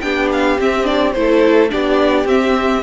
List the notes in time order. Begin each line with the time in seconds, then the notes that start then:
0.00 B3 D4 G4 G5
0.32 F5
0.58 C4 E5
0.84 D4 D5
1.12 A3 E4 C5
1.19 A4
1.69 B3 D4 G4 D5
2.25 C4 E5